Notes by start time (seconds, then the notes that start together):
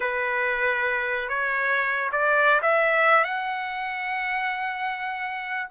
0.00 B4
1.28 C#5
2.11 D5
2.62 E5
3.24 F#5